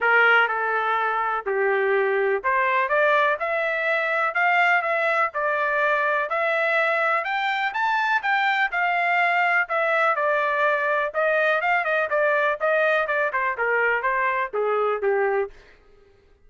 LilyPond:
\new Staff \with { instrumentName = "trumpet" } { \time 4/4 \tempo 4 = 124 ais'4 a'2 g'4~ | g'4 c''4 d''4 e''4~ | e''4 f''4 e''4 d''4~ | d''4 e''2 g''4 |
a''4 g''4 f''2 | e''4 d''2 dis''4 | f''8 dis''8 d''4 dis''4 d''8 c''8 | ais'4 c''4 gis'4 g'4 | }